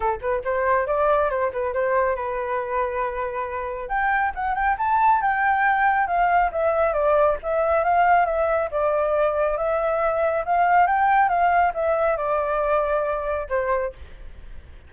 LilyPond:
\new Staff \with { instrumentName = "flute" } { \time 4/4 \tempo 4 = 138 a'8 b'8 c''4 d''4 c''8 b'8 | c''4 b'2.~ | b'4 g''4 fis''8 g''8 a''4 | g''2 f''4 e''4 |
d''4 e''4 f''4 e''4 | d''2 e''2 | f''4 g''4 f''4 e''4 | d''2. c''4 | }